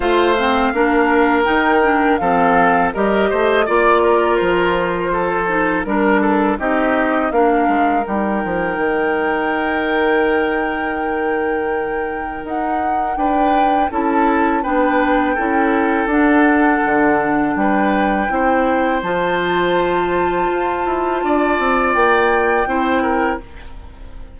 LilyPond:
<<
  \new Staff \with { instrumentName = "flute" } { \time 4/4 \tempo 4 = 82 f''2 g''4 f''4 | dis''4 d''4 c''2 | ais'4 dis''4 f''4 g''4~ | g''1~ |
g''4 fis''4 g''4 a''4 | g''2 fis''2 | g''2 a''2~ | a''2 g''2 | }
  \new Staff \with { instrumentName = "oboe" } { \time 4/4 c''4 ais'2 a'4 | ais'8 c''8 d''8 ais'4. a'4 | ais'8 a'8 g'4 ais'2~ | ais'1~ |
ais'2 b'4 a'4 | b'4 a'2. | b'4 c''2.~ | c''4 d''2 c''8 ais'8 | }
  \new Staff \with { instrumentName = "clarinet" } { \time 4/4 f'8 c'8 d'4 dis'8 d'8 c'4 | g'4 f'2~ f'8 dis'8 | d'4 dis'4 d'4 dis'4~ | dis'1~ |
dis'2. e'4 | d'4 e'4 d'2~ | d'4 e'4 f'2~ | f'2. e'4 | }
  \new Staff \with { instrumentName = "bassoon" } { \time 4/4 a4 ais4 dis4 f4 | g8 a8 ais4 f2 | g4 c'4 ais8 gis8 g8 f8 | dis1~ |
dis4 dis'4 d'4 cis'4 | b4 cis'4 d'4 d4 | g4 c'4 f2 | f'8 e'8 d'8 c'8 ais4 c'4 | }
>>